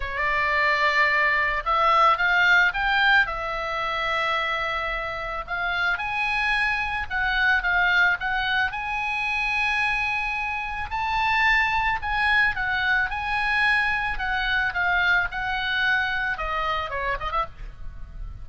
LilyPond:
\new Staff \with { instrumentName = "oboe" } { \time 4/4 \tempo 4 = 110 d''2. e''4 | f''4 g''4 e''2~ | e''2 f''4 gis''4~ | gis''4 fis''4 f''4 fis''4 |
gis''1 | a''2 gis''4 fis''4 | gis''2 fis''4 f''4 | fis''2 dis''4 cis''8 dis''16 e''16 | }